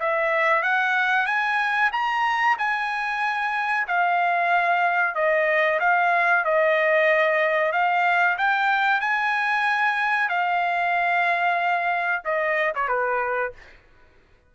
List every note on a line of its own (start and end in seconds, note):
0.00 0.62 E5
0.62 1.26 F#5
1.26 1.91 G#5
1.92 2.57 A#5
2.58 3.87 G#5
3.87 5.15 F5
5.15 5.80 D#5
5.80 6.45 F5
6.45 7.72 D#5
7.72 8.37 F5
8.38 9.01 G5
9.01 10.29 G#5
10.29 12.23 F5
12.25 12.73 D#5
12.75 12.88 C#5
12.88 13.53 B4